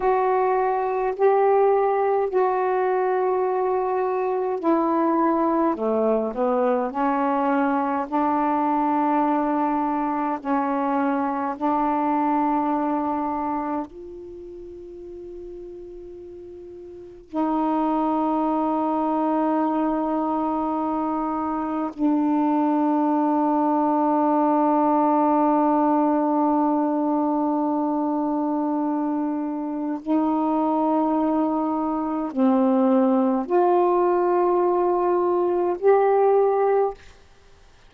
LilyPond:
\new Staff \with { instrumentName = "saxophone" } { \time 4/4 \tempo 4 = 52 fis'4 g'4 fis'2 | e'4 a8 b8 cis'4 d'4~ | d'4 cis'4 d'2 | f'2. dis'4~ |
dis'2. d'4~ | d'1~ | d'2 dis'2 | c'4 f'2 g'4 | }